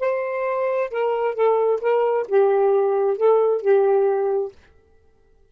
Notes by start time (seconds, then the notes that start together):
0.00 C5
0.91 A#4
1.35 A4
1.81 A#4
2.28 G4
3.17 A4
3.62 G4